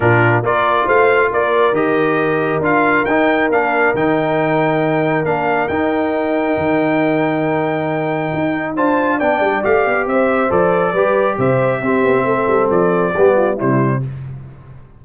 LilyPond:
<<
  \new Staff \with { instrumentName = "trumpet" } { \time 4/4 \tempo 4 = 137 ais'4 d''4 f''4 d''4 | dis''2 f''4 g''4 | f''4 g''2. | f''4 g''2.~ |
g''1 | a''4 g''4 f''4 e''4 | d''2 e''2~ | e''4 d''2 c''4 | }
  \new Staff \with { instrumentName = "horn" } { \time 4/4 f'4 ais'4 c''4 ais'4~ | ais'1~ | ais'1~ | ais'1~ |
ais'1 | c''4 d''2 c''4~ | c''4 b'4 c''4 g'4 | a'2 g'8 f'8 e'4 | }
  \new Staff \with { instrumentName = "trombone" } { \time 4/4 d'4 f'2. | g'2 f'4 dis'4 | d'4 dis'2. | d'4 dis'2.~ |
dis'1 | f'4 d'4 g'2 | a'4 g'2 c'4~ | c'2 b4 g4 | }
  \new Staff \with { instrumentName = "tuba" } { \time 4/4 ais,4 ais4 a4 ais4 | dis2 d'4 dis'4 | ais4 dis2. | ais4 dis'2 dis4~ |
dis2. dis'4 | d'4 b8 g8 a8 b8 c'4 | f4 g4 c4 c'8 b8 | a8 g8 f4 g4 c4 | }
>>